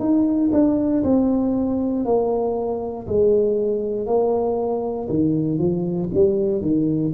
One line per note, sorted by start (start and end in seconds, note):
0.00 0.51 D#4
0.53 1.04 D4
1.04 2.06 C4
2.06 3.07 A#3
3.08 4.07 G#3
4.07 5.08 A#3
5.09 5.59 D#3
5.59 6.10 F3
6.14 6.62 G3
6.62 7.13 D#3